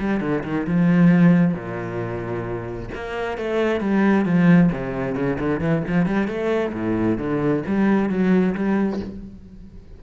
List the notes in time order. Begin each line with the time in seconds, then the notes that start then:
0.00 G3
0.21 D3
0.44 D#3
0.67 F3
1.54 A#2
2.95 A#3
3.38 A3
3.81 G3
4.25 F3
4.72 C3
5.16 C#3
5.40 D3
5.61 E3
5.88 F3
6.07 G3
6.28 A3
6.73 A2
7.19 D3
7.67 G3
8.10 F#3
8.55 G3